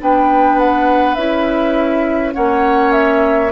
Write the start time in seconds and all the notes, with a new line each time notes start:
0.00 B3 D4 B4 G5
0.59 F#5
1.15 C#4 E4 E5
2.33 A#3 C#4 C#5 F#5
2.93 E5